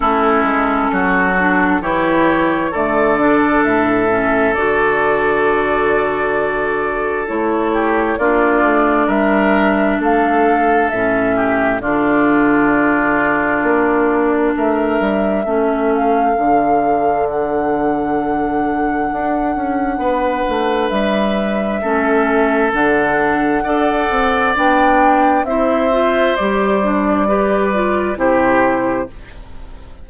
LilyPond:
<<
  \new Staff \with { instrumentName = "flute" } { \time 4/4 \tempo 4 = 66 a'2 cis''4 d''4 | e''4 d''2. | cis''4 d''4 e''4 f''4 | e''4 d''2. |
e''4. f''4. fis''4~ | fis''2. e''4~ | e''4 fis''2 g''4 | e''4 d''2 c''4 | }
  \new Staff \with { instrumentName = "oboe" } { \time 4/4 e'4 fis'4 g'4 a'4~ | a'1~ | a'8 g'8 f'4 ais'4 a'4~ | a'8 g'8 f'2. |
ais'4 a'2.~ | a'2 b'2 | a'2 d''2 | c''2 b'4 g'4 | }
  \new Staff \with { instrumentName = "clarinet" } { \time 4/4 cis'4. d'8 e'4 a8 d'8~ | d'8 cis'8 fis'2. | e'4 d'2. | cis'4 d'2.~ |
d'4 cis'4 d'2~ | d'1 | cis'4 d'4 a'4 d'4 | e'8 f'8 g'8 d'8 g'8 f'8 e'4 | }
  \new Staff \with { instrumentName = "bassoon" } { \time 4/4 a8 gis8 fis4 e4 d4 | a,4 d2. | a4 ais8 a8 g4 a4 | a,4 d2 ais4 |
a8 g8 a4 d2~ | d4 d'8 cis'8 b8 a8 g4 | a4 d4 d'8 c'8 b4 | c'4 g2 c4 | }
>>